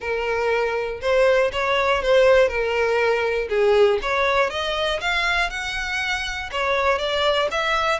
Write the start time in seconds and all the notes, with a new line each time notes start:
0.00 A#4
1.01 C5
1.52 C#5
2.02 C5
2.48 A#4
3.49 G#4
4.01 C#5
4.50 D#5
5.00 F5
5.50 F#5
6.51 C#5
6.98 D5
7.51 E5